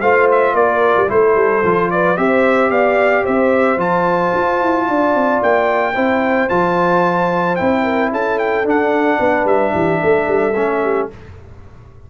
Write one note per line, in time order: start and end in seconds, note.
0.00 0.54 A3
0.00 1.08 F4
0.00 0.54 C5
0.00 0.28 F5
0.32 0.56 E5
0.54 0.95 A#3
0.54 1.09 A#4
0.54 1.10 D5
0.97 1.10 G3
1.08 1.36 A3
1.08 1.62 E4
1.08 1.92 A4
1.08 1.91 C5
1.36 1.63 G3
1.64 2.18 F3
1.64 2.17 F4
1.91 2.19 B4
1.91 2.17 D5
2.17 2.70 C4
2.17 3.78 G4
2.17 2.71 C5
2.17 2.71 E5
2.70 3.24 B3
2.70 3.24 D5
2.70 3.25 F5
3.24 3.77 C4
3.24 4.86 C5
3.24 3.80 E5
3.77 4.31 F3
3.77 5.94 F4
3.77 5.43 A5
4.34 4.61 F4
4.61 4.89 E4
4.88 5.15 D4
4.88 5.94 D5
5.15 5.42 C4
5.43 5.96 A#3
5.43 6.49 G5
5.94 6.50 C4
5.94 6.49 E4
5.94 7.83 C5
6.49 7.59 F3
6.49 7.57 F4
6.49 7.56 A5
7.56 8.12 C4
7.56 8.65 E4
7.56 8.10 G5
7.83 8.10 A#4
8.12 8.65 C#4
8.12 9.19 A4
8.12 8.39 A5
8.39 8.66 G5
8.65 10.54 D4
8.65 9.19 D4
8.65 9.47 F#5
9.19 9.45 B3
9.19 9.73 B4
9.45 9.72 G3
9.45 11.09 E5
9.73 10.01 E3
9.73 10.00 G4
10.03 10.28 A3
10.03 10.83 A4
10.28 10.55 G3
10.55 11.09 A3
10.55 11.10 C#4
10.83 11.10 G4